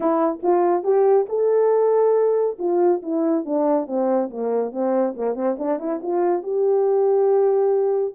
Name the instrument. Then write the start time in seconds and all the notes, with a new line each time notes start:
horn
0.00 E4
0.42 F4
0.83 G4
1.28 A4
2.59 F4
3.02 E4
3.45 D4
3.86 C4
4.30 A#3
4.71 C4
5.15 A#3
5.35 C4
5.58 D4
5.79 E4
6.02 F4
6.42 G4